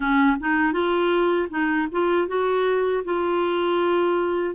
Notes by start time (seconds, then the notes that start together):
0.00 C#4
0.40 D#4
0.72 F4
1.49 D#4
1.91 F4
2.27 F#4
3.04 F4